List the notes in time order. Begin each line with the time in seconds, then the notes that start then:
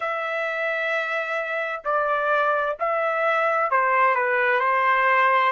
0.00 E5
1.84 D5
2.79 E5
3.70 C5
4.15 B4
4.59 C5